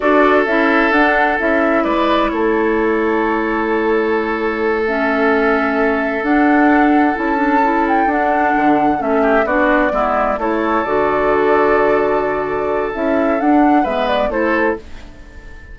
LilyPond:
<<
  \new Staff \with { instrumentName = "flute" } { \time 4/4 \tempo 4 = 130 d''4 e''4 fis''4 e''4 | d''4 cis''2.~ | cis''2~ cis''8 e''4.~ | e''4. fis''2 a''8~ |
a''4 g''8 fis''2 e''8~ | e''8 d''2 cis''4 d''8~ | d''1 | e''4 fis''4 e''8 d''8 c''4 | }
  \new Staff \with { instrumentName = "oboe" } { \time 4/4 a'1 | b'4 a'2.~ | a'1~ | a'1~ |
a'1 | g'8 fis'4 e'4 a'4.~ | a'1~ | a'2 b'4 a'4 | }
  \new Staff \with { instrumentName = "clarinet" } { \time 4/4 fis'4 e'4 d'4 e'4~ | e'1~ | e'2~ e'8 cis'4.~ | cis'4. d'2 e'8 |
d'8 e'4 d'2 cis'8~ | cis'8 d'4 b4 e'4 fis'8~ | fis'1 | e'4 d'4 b4 e'4 | }
  \new Staff \with { instrumentName = "bassoon" } { \time 4/4 d'4 cis'4 d'4 cis'4 | gis4 a2.~ | a1~ | a4. d'2 cis'8~ |
cis'4. d'4 d4 a8~ | a8 b4 gis4 a4 d8~ | d1 | cis'4 d'4 gis4 a4 | }
>>